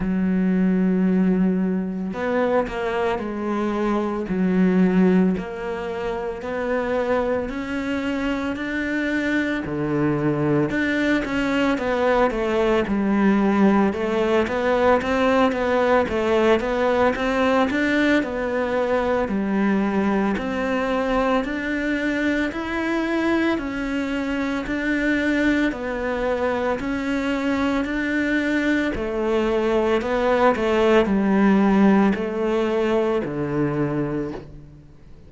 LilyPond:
\new Staff \with { instrumentName = "cello" } { \time 4/4 \tempo 4 = 56 fis2 b8 ais8 gis4 | fis4 ais4 b4 cis'4 | d'4 d4 d'8 cis'8 b8 a8 | g4 a8 b8 c'8 b8 a8 b8 |
c'8 d'8 b4 g4 c'4 | d'4 e'4 cis'4 d'4 | b4 cis'4 d'4 a4 | b8 a8 g4 a4 d4 | }